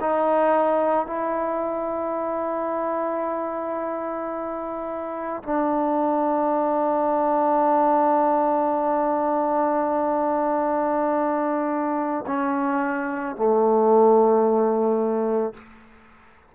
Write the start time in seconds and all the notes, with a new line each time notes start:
0.00 D#4
1.06 E4
5.43 D4
12.27 C#4
13.35 A3